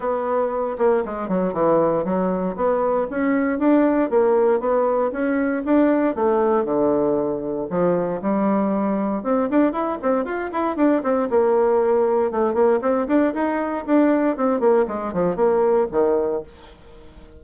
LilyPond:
\new Staff \with { instrumentName = "bassoon" } { \time 4/4 \tempo 4 = 117 b4. ais8 gis8 fis8 e4 | fis4 b4 cis'4 d'4 | ais4 b4 cis'4 d'4 | a4 d2 f4 |
g2 c'8 d'8 e'8 c'8 | f'8 e'8 d'8 c'8 ais2 | a8 ais8 c'8 d'8 dis'4 d'4 | c'8 ais8 gis8 f8 ais4 dis4 | }